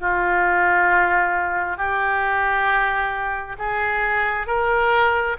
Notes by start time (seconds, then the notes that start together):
0.00 F4
1.77 G4
3.58 G#4
4.46 A#4